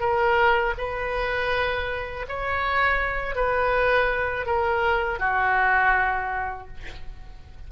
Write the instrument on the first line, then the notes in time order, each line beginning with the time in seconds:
oboe
0.00 A#4
0.78 B4
2.28 C#5
3.35 B4
4.46 A#4
5.19 F#4